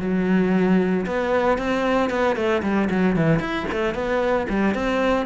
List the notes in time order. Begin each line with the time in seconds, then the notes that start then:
0.00 F#3
1.06 B3
1.58 C4
2.10 B3
2.36 A3
2.62 G3
2.90 F#3
3.16 E3
3.39 E4
3.71 A3
3.94 B3
4.49 G3
4.74 C4